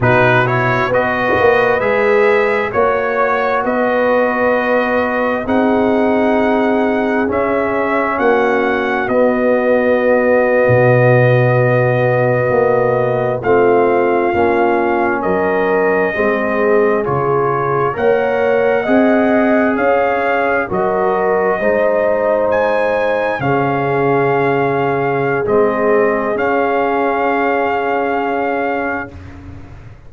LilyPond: <<
  \new Staff \with { instrumentName = "trumpet" } { \time 4/4 \tempo 4 = 66 b'8 cis''8 dis''4 e''4 cis''4 | dis''2 fis''2 | e''4 fis''4 dis''2~ | dis''2~ dis''8. f''4~ f''16~ |
f''8. dis''2 cis''4 fis''16~ | fis''4.~ fis''16 f''4 dis''4~ dis''16~ | dis''8. gis''4 f''2~ f''16 | dis''4 f''2. | }
  \new Staff \with { instrumentName = "horn" } { \time 4/4 fis'4 b'2 cis''4 | b'2 gis'2~ | gis'4 fis'2.~ | fis'2~ fis'8. f'4~ f'16~ |
f'8. ais'4 gis'2 cis''16~ | cis''8. dis''4 cis''4 ais'4 c''16~ | c''4.~ c''16 gis'2~ gis'16~ | gis'1 | }
  \new Staff \with { instrumentName = "trombone" } { \time 4/4 dis'8 e'8 fis'4 gis'4 fis'4~ | fis'2 dis'2 | cis'2 b2~ | b2~ b8. c'4 cis'16~ |
cis'4.~ cis'16 c'4 f'4 ais'16~ | ais'8. gis'2 fis'4 dis'16~ | dis'4.~ dis'16 cis'2~ cis'16 | c'4 cis'2. | }
  \new Staff \with { instrumentName = "tuba" } { \time 4/4 b,4 b8 ais8 gis4 ais4 | b2 c'2 | cis'4 ais4 b4.~ b16 b,16~ | b,4.~ b,16 ais4 a4 ais16~ |
ais8. fis4 gis4 cis4 ais16~ | ais8. c'4 cis'4 fis4 gis16~ | gis4.~ gis16 cis2~ cis16 | gis4 cis'2. | }
>>